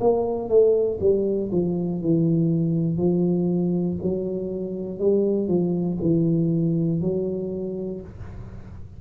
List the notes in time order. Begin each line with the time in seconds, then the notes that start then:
0.00 A#3
0.49 A3
1.00 G3
1.52 F3
2.02 E3
2.98 F3
4.02 F#3
4.99 G3
5.48 F3
6.01 E3
7.01 F#3